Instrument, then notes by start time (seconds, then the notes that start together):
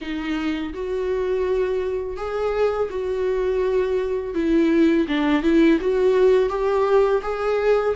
viola
0.01 D#4
0.73 F#4
2.17 G#4
2.90 F#4
4.34 E4
5.08 D4
5.42 E4
5.80 F#4
6.49 G4
7.22 G#4